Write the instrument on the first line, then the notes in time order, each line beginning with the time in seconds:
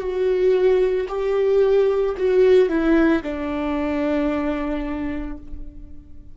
viola
0.00 F#4
1.09 G4
2.18 F#4
2.69 E4
3.23 D4